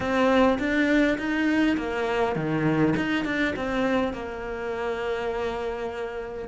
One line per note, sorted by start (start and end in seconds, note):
0.00 0.58 C4
0.58 1.17 D4
1.17 1.76 D#4
1.77 2.35 A#3
2.35 2.94 D#3
2.96 3.24 D#4
3.24 3.54 D4
3.56 4.13 C4
4.13 6.48 A#3